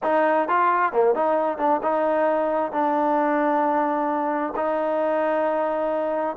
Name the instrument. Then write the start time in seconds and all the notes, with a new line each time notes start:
trombone
0.03 D#4
0.48 F4
0.92 A#3
1.14 D#4
1.57 D4
1.83 D#4
2.71 D4
4.56 D#4